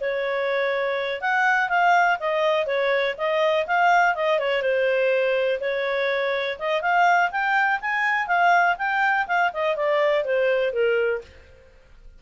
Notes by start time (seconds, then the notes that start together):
0.00 C#5
1.21 F#5
1.69 F5
2.19 D#5
2.66 C#5
3.18 D#5
3.67 F5
4.15 D#5
4.39 C#5
4.62 C5
5.60 C#5
6.59 D#5
6.81 F5
7.31 G5
7.81 G#5
8.27 F5
8.78 G5
9.27 F5
9.53 D#5
9.76 D5
10.24 C5
10.72 A#4